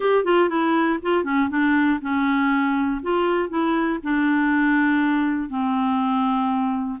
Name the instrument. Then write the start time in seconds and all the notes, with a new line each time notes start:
clarinet
0.00 G4
0.24 F4
0.49 E4
1.02 F4
1.24 C#4
1.49 D4
2.01 C#4
3.02 F4
3.49 E4
4.03 D4
5.49 C4